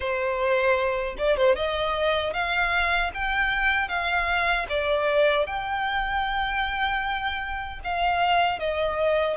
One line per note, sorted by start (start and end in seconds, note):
0.00 1.15 C5
1.18 1.36 D5
1.36 1.55 C5
1.55 2.33 D#5
2.33 3.11 F5
3.14 3.88 G5
3.88 4.66 F5
4.69 5.46 D5
5.46 7.80 G5
7.84 8.59 F5
8.59 9.36 D#5